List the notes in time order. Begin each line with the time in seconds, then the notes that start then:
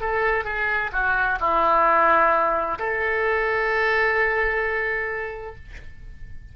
0.00 A4
0.44 G#4
0.92 F#4
1.40 E4
2.79 A4